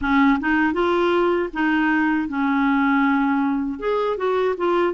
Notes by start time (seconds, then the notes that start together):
0.01 C#4
0.40 D#4
0.73 F4
1.53 D#4
2.28 C#4
3.79 G#4
4.17 F#4
4.57 F4